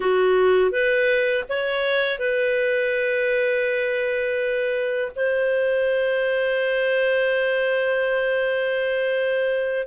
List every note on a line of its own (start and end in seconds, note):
0.00 0.71 F#4
0.71 1.44 B4
1.48 2.19 C#5
2.19 5.11 B4
5.16 9.87 C5